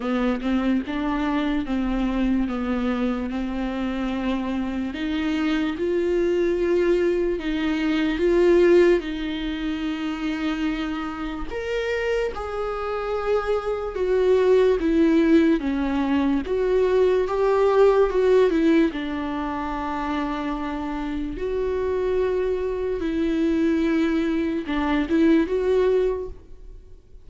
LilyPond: \new Staff \with { instrumentName = "viola" } { \time 4/4 \tempo 4 = 73 b8 c'8 d'4 c'4 b4 | c'2 dis'4 f'4~ | f'4 dis'4 f'4 dis'4~ | dis'2 ais'4 gis'4~ |
gis'4 fis'4 e'4 cis'4 | fis'4 g'4 fis'8 e'8 d'4~ | d'2 fis'2 | e'2 d'8 e'8 fis'4 | }